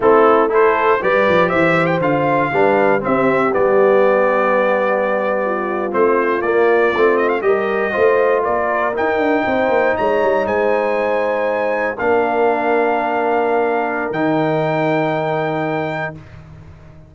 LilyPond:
<<
  \new Staff \with { instrumentName = "trumpet" } { \time 4/4 \tempo 4 = 119 a'4 c''4 d''4 e''8. g''16 | f''2 e''4 d''4~ | d''2.~ d''8. c''16~ | c''8. d''4. dis''16 f''16 dis''4~ dis''16~ |
dis''8. d''4 g''2 ais''16~ | ais''8. gis''2. f''16~ | f''1 | g''1 | }
  \new Staff \with { instrumentName = "horn" } { \time 4/4 e'4 a'4 b'4 c''4~ | c''4 b'4 g'2~ | g'2~ g'8. f'4~ f'16~ | f'2~ f'8. ais'4 c''16~ |
c''8. ais'2 c''4 cis''16~ | cis''8. c''2. ais'16~ | ais'1~ | ais'1 | }
  \new Staff \with { instrumentName = "trombone" } { \time 4/4 c'4 e'4 g'2 | f'4 d'4 c'4 b4~ | b2.~ b8. c'16~ | c'8. ais4 c'4 g'4 f'16~ |
f'4.~ f'16 dis'2~ dis'16~ | dis'2.~ dis'8. d'16~ | d'1 | dis'1 | }
  \new Staff \with { instrumentName = "tuba" } { \time 4/4 a2 g8 f8 e4 | d4 g4 c'4 g4~ | g2.~ g8. a16~ | a8. ais4 a4 g4 a16~ |
a8. ais4 dis'8 d'8 c'8 ais8 gis16~ | gis16 g8 gis2. ais16~ | ais1 | dis1 | }
>>